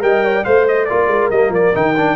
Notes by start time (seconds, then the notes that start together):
0.00 G3 A#4 D#5 G5
0.25 C#5
0.35 D5
0.44 A3 C5 F5
0.68 D#5
0.85 A#3 F4 A#4 D5
1.07 G#3
1.30 G3 A#3 D#5
1.49 F3 D5
1.74 D#3 D#4 G5
1.96 D4